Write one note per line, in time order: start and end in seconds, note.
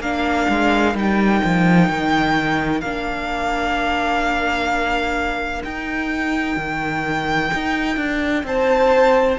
0.00 0.47 A#3
0.00 0.95 D4
0.00 8.44 A#4
0.00 0.96 F5
0.49 0.94 G#3
0.94 1.41 G3
0.94 2.83 D#4
0.94 2.81 G5
1.45 1.89 F3
1.89 2.82 D#3
2.81 5.63 A#3
2.81 5.65 D4
2.81 5.62 F5
5.64 6.57 D#4
5.64 9.39 D#4
5.64 8.46 G5
6.57 7.51 D#3
7.54 7.97 D#4
7.97 8.44 D4
8.44 9.37 C4
8.44 9.39 C5
8.44 9.39 A5